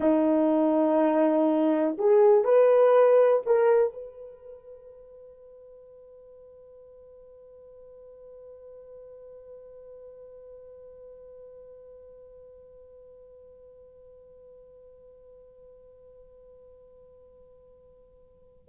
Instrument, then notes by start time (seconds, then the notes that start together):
horn
0.00 D#4
1.98 G#4
2.44 B4
3.46 A#4
3.93 B4